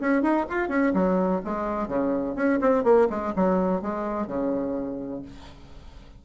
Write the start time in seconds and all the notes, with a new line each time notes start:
0.00 C#4
0.22 D#4
0.49 F4
0.68 C#4
0.94 F#3
1.44 G#3
1.88 C#3
2.35 C#4
2.61 C4
2.84 A#3
3.09 G#3
3.35 F#3
3.82 G#3
4.27 C#3